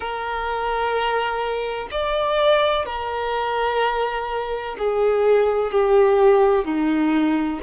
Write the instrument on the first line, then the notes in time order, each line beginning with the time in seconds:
violin
0.00 A#4
1.90 D5
2.85 A#4
4.78 G#4
5.71 G4
6.65 D#4